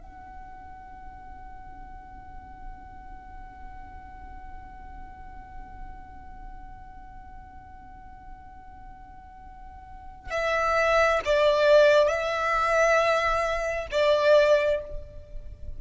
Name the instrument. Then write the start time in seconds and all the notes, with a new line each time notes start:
violin
0.00 F#5
10.30 E5
11.25 D5
12.08 E5
13.91 D5